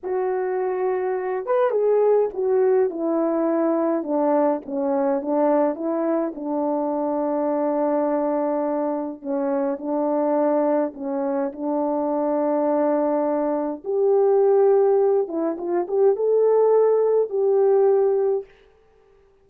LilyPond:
\new Staff \with { instrumentName = "horn" } { \time 4/4 \tempo 4 = 104 fis'2~ fis'8 b'8 gis'4 | fis'4 e'2 d'4 | cis'4 d'4 e'4 d'4~ | d'1 |
cis'4 d'2 cis'4 | d'1 | g'2~ g'8 e'8 f'8 g'8 | a'2 g'2 | }